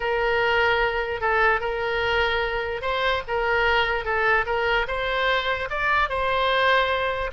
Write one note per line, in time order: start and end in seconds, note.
0.00 1.21 A#4
1.21 1.60 A4
1.60 2.81 A#4
2.81 3.22 C5
3.27 4.04 A#4
4.04 4.45 A4
4.45 4.86 A#4
4.87 5.68 C5
5.70 6.09 D5
6.09 7.30 C5